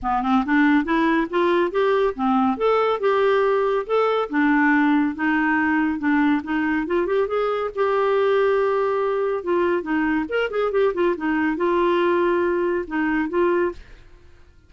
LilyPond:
\new Staff \with { instrumentName = "clarinet" } { \time 4/4 \tempo 4 = 140 b8 c'8 d'4 e'4 f'4 | g'4 c'4 a'4 g'4~ | g'4 a'4 d'2 | dis'2 d'4 dis'4 |
f'8 g'8 gis'4 g'2~ | g'2 f'4 dis'4 | ais'8 gis'8 g'8 f'8 dis'4 f'4~ | f'2 dis'4 f'4 | }